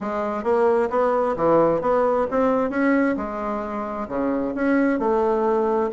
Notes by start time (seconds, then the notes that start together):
0.00 G#3
0.43 A#3
0.90 B3
1.36 E3
1.81 B3
2.30 C4
2.70 C#4
3.16 G#3
4.08 C#3
4.55 C#4
4.99 A3